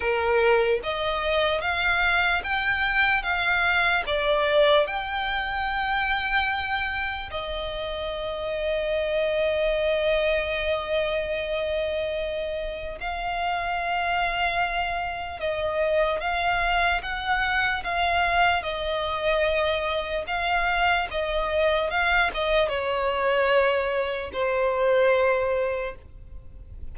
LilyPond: \new Staff \with { instrumentName = "violin" } { \time 4/4 \tempo 4 = 74 ais'4 dis''4 f''4 g''4 | f''4 d''4 g''2~ | g''4 dis''2.~ | dis''1 |
f''2. dis''4 | f''4 fis''4 f''4 dis''4~ | dis''4 f''4 dis''4 f''8 dis''8 | cis''2 c''2 | }